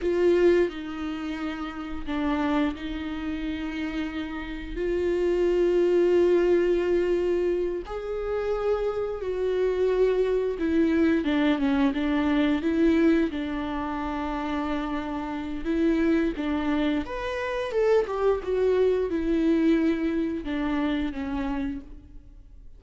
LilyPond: \new Staff \with { instrumentName = "viola" } { \time 4/4 \tempo 4 = 88 f'4 dis'2 d'4 | dis'2. f'4~ | f'2.~ f'8 gis'8~ | gis'4. fis'2 e'8~ |
e'8 d'8 cis'8 d'4 e'4 d'8~ | d'2. e'4 | d'4 b'4 a'8 g'8 fis'4 | e'2 d'4 cis'4 | }